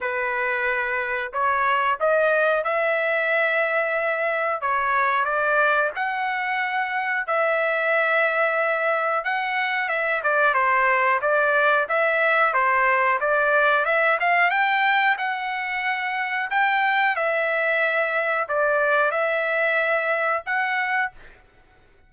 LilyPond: \new Staff \with { instrumentName = "trumpet" } { \time 4/4 \tempo 4 = 91 b'2 cis''4 dis''4 | e''2. cis''4 | d''4 fis''2 e''4~ | e''2 fis''4 e''8 d''8 |
c''4 d''4 e''4 c''4 | d''4 e''8 f''8 g''4 fis''4~ | fis''4 g''4 e''2 | d''4 e''2 fis''4 | }